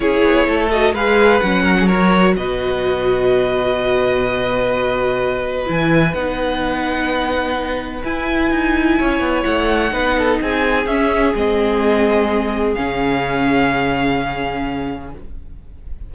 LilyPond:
<<
  \new Staff \with { instrumentName = "violin" } { \time 4/4 \tempo 4 = 127 cis''4. dis''8 f''4 fis''4 | cis''4 dis''2.~ | dis''1 | gis''4 fis''2.~ |
fis''4 gis''2. | fis''2 gis''4 e''4 | dis''2. f''4~ | f''1 | }
  \new Staff \with { instrumentName = "violin" } { \time 4/4 gis'4 a'4 b'4. ais'16 gis'16 | ais'4 b'2.~ | b'1~ | b'1~ |
b'2. cis''4~ | cis''4 b'8 a'8 gis'2~ | gis'1~ | gis'1 | }
  \new Staff \with { instrumentName = "viola" } { \time 4/4 e'4. fis'8 gis'4 cis'4 | fis'1~ | fis'1 | e'4 dis'2.~ |
dis'4 e'2.~ | e'4 dis'2 cis'4 | c'2. cis'4~ | cis'1 | }
  \new Staff \with { instrumentName = "cello" } { \time 4/4 cis'8 b8 a4 gis4 fis4~ | fis4 b,2.~ | b,1 | e4 b2.~ |
b4 e'4 dis'4 cis'8 b8 | a4 b4 c'4 cis'4 | gis2. cis4~ | cis1 | }
>>